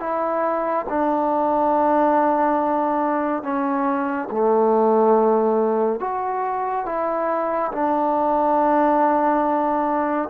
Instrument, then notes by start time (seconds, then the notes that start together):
trombone
0.00 E4
0.89 D4
3.43 C#4
4.31 A3
6.00 F#4
6.86 E4
7.72 D4